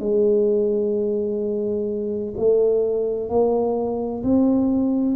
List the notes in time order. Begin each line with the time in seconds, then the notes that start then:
0.00 G#3
2.37 A3
3.30 A#3
4.24 C4